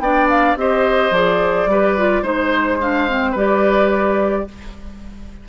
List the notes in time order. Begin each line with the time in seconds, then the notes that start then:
0.00 B3 D4 D5 G5
0.30 F5
0.56 C4 G4 C5 D#5
1.11 F3 G#4 D5
1.66 G3 G4 B4
1.98 F4
2.22 G#3 D#4 C5
2.81 D4 F5
3.09 C4
3.31 G3 G4 B4
3.37 D5